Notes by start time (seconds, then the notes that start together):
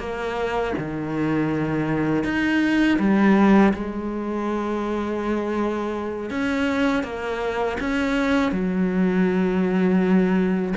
0.00 A#3
0.78 D#3
2.25 D#4
2.99 G3
3.74 G#3
6.31 C#4
7.04 A#3
7.80 C#4
8.52 F#3